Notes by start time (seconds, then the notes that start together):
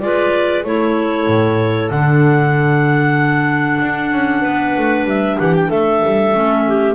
0.00 G#3 F4 B4 D5
0.64 A3 E4 A4 C#5
1.27 A2
1.90 D3 D4 F#5
3.81 D4
4.12 C#4
4.41 B3 B4
4.77 A3
5.05 G3 E5
5.38 E3 G4 F#5
5.55 G5
5.68 A3 A4 E5
6.05 G3
6.33 A3 C#4
6.67 G4